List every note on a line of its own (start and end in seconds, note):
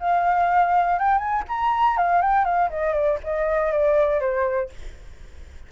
0.00 0.99 F5
0.99 1.18 G5
1.18 1.43 G#5
1.49 1.98 A#5
1.98 2.22 F5
2.22 2.45 G5
2.45 2.70 F5
2.70 2.94 D#5
2.94 3.19 D5
3.24 3.73 D#5
3.73 4.21 D5
4.21 4.70 C5